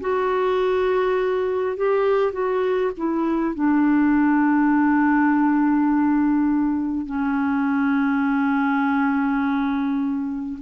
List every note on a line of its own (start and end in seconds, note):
0.00 1.76 F#4
1.76 2.32 G4
2.32 2.91 F#4
2.97 3.55 E4
3.55 7.06 D4
7.06 10.59 C#4